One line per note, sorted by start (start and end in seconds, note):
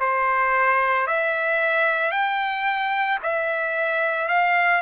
0.00 1.07 C5
1.07 2.11 E5
2.11 3.19 G5
3.23 4.28 E5
4.28 4.82 F5